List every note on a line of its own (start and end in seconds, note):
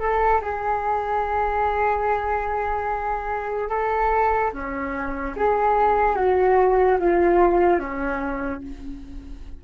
0.00 0.41 A4
0.42 3.70 G#4
3.70 4.52 A4
4.54 5.36 C#4
5.37 6.16 G#4
6.16 6.98 F#4
7.00 7.80 F4
7.80 8.62 C#4